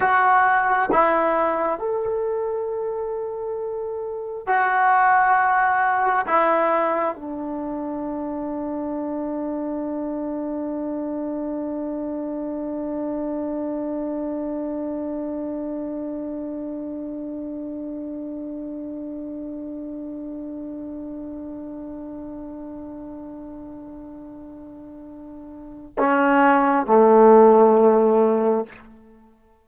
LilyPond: \new Staff \with { instrumentName = "trombone" } { \time 4/4 \tempo 4 = 67 fis'4 e'4 a'2~ | a'4 fis'2 e'4 | d'1~ | d'1~ |
d'1~ | d'1~ | d'1~ | d'4 cis'4 a2 | }